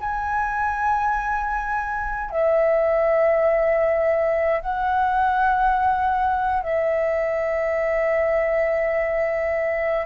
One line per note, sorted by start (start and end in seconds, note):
0.00 2.31 G#5
2.31 4.61 E5
4.61 6.63 F#5
6.63 10.06 E5